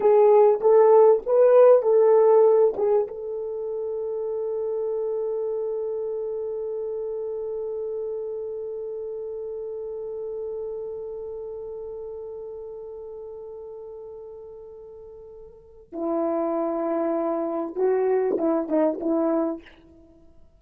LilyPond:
\new Staff \with { instrumentName = "horn" } { \time 4/4 \tempo 4 = 98 gis'4 a'4 b'4 a'4~ | a'8 gis'8 a'2.~ | a'1~ | a'1~ |
a'1~ | a'1~ | a'2 e'2~ | e'4 fis'4 e'8 dis'8 e'4 | }